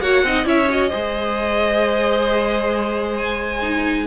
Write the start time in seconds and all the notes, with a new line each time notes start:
0.00 A#3 F#4 C#5 F#5
0.23 C4 D#4 D#5
0.44 C#4 E4 C#5 E5
0.69 F#4 D#5
0.90 G#3 G#4 C5
3.17 G#5
3.62 D#4